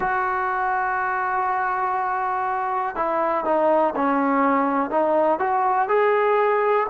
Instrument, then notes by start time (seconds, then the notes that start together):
trombone
0.00 F#4
2.95 E4
3.44 D#4
3.95 C#4
4.90 D#4
5.39 F#4
5.88 G#4